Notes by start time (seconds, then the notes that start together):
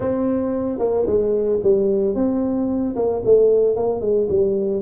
0.00 C4
0.79 A#3
1.06 G#3
1.62 G3
2.15 C4
2.95 A#3
3.24 A3
3.75 A#3
4.00 G#3
4.29 G3